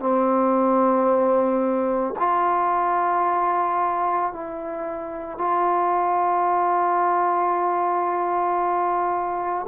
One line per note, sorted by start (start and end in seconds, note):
0.00 2.15 C4
2.20 4.33 F4
4.33 5.39 E4
5.39 9.67 F4